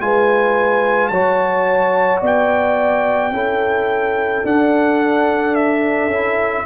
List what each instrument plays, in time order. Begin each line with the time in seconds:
0.00 tuba G#3, trombone F4, horn B4, trumpet G#5
1.08 tuba F#3, trombone F#4, horn C#5, trumpet A5
2.21 tuba B3, horn D5, trumpet G5
3.31 tuba C#4, trombone E4, horn A4
4.44 trombone D4, tuba D4, trumpet F#5
5.55 trumpet E5
6.07 tuba C#4, trombone E4